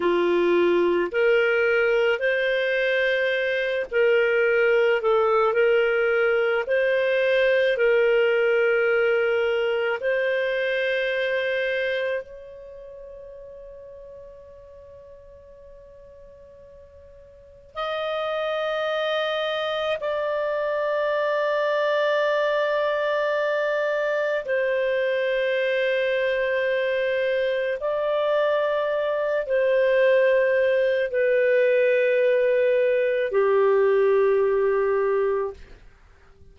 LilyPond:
\new Staff \with { instrumentName = "clarinet" } { \time 4/4 \tempo 4 = 54 f'4 ais'4 c''4. ais'8~ | ais'8 a'8 ais'4 c''4 ais'4~ | ais'4 c''2 cis''4~ | cis''1 |
dis''2 d''2~ | d''2 c''2~ | c''4 d''4. c''4. | b'2 g'2 | }